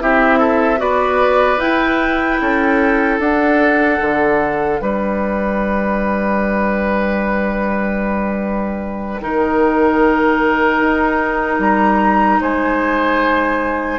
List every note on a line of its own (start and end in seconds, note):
0.00 0.81 C4
0.00 0.77 E4
0.00 0.39 G4
0.00 0.81 E5
0.39 0.79 A4
0.77 1.57 B3
0.77 1.57 F#4
0.77 2.41 B4
0.77 1.60 D5
1.57 2.37 E4
1.57 3.20 E4
1.57 3.20 G5
2.42 3.19 C#4
2.42 4.82 A4
3.19 3.99 D4
3.19 9.20 D4
3.19 4.80 F#5
4.00 4.80 D3
4.80 9.21 G3
4.80 9.21 B4
4.80 11.60 G5
9.21 10.81 D#3
9.21 13.99 D#4
9.21 12.41 A#4
10.81 11.59 D#4
11.59 12.39 G3
11.59 12.41 A#5
12.41 13.99 G#3
12.41 13.99 C5
12.41 13.99 G#5